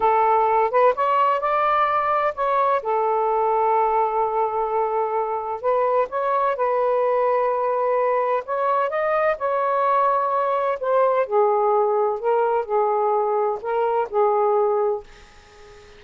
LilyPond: \new Staff \with { instrumentName = "saxophone" } { \time 4/4 \tempo 4 = 128 a'4. b'8 cis''4 d''4~ | d''4 cis''4 a'2~ | a'1 | b'4 cis''4 b'2~ |
b'2 cis''4 dis''4 | cis''2. c''4 | gis'2 ais'4 gis'4~ | gis'4 ais'4 gis'2 | }